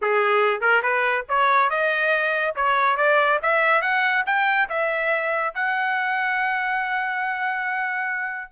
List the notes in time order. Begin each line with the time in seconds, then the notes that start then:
0.01 G#4
0.60 A#4
0.82 B4
1.28 C#5
1.69 D#5
2.55 C#5
2.97 D5
3.42 E5
3.81 F#5
4.26 G5
4.69 E5
5.54 F#5